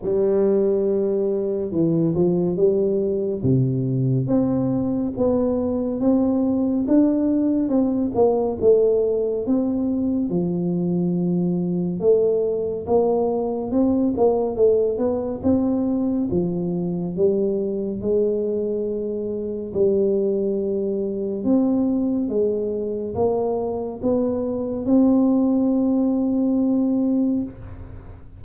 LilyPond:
\new Staff \with { instrumentName = "tuba" } { \time 4/4 \tempo 4 = 70 g2 e8 f8 g4 | c4 c'4 b4 c'4 | d'4 c'8 ais8 a4 c'4 | f2 a4 ais4 |
c'8 ais8 a8 b8 c'4 f4 | g4 gis2 g4~ | g4 c'4 gis4 ais4 | b4 c'2. | }